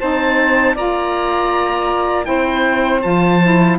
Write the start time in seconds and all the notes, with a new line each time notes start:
0.00 C4 D#4 C5 A5
0.75 A#3 F4 D5 A#5
2.24 C4 E4 C5 G5
3.02 F3 F4 A5
3.43 E4